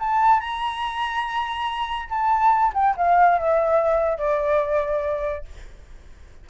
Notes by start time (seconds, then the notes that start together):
0.00 A5
0.41 A#5
2.10 A5
2.74 G5
2.97 F5
3.38 E5
4.18 D5